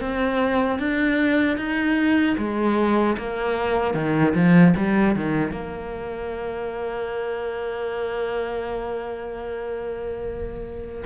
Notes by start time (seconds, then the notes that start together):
0.00 C4
0.79 D4
1.57 D#4
2.38 G#3
3.17 A#3
3.94 D#3
4.35 F3
4.77 G3
5.16 D#3
5.52 A#3